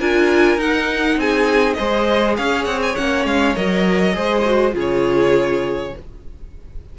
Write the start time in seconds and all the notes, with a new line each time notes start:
0.00 D4 F4 A#4 G#5
0.57 D#4 F#5
1.17 C4 G#4 G#5
1.74 G#3 G#4 C5 D#5
2.37 C#4 C#5 F5
2.65 C4 F#5
2.83 G#5
2.96 A#3 C#4 F#5
3.25 G#3 F5
3.56 F#3 A#4 D#5
4.14 G#3 G#4 C5
4.46 F#4
4.72 C#3 F4 G#4
4.80 C#5